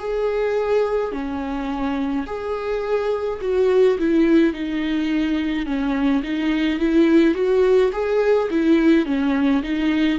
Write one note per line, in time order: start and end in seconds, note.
0.00 1.12 G#4
1.12 2.25 C#4
2.27 3.40 G#4
3.42 3.98 F#4
3.99 4.54 E4
4.54 5.67 D#4
5.67 6.23 C#4
6.24 6.80 D#4
6.80 7.35 E4
7.35 7.91 F#4
7.93 8.50 G#4
8.51 9.06 E4
9.06 9.63 C#4
9.63 10.19 D#4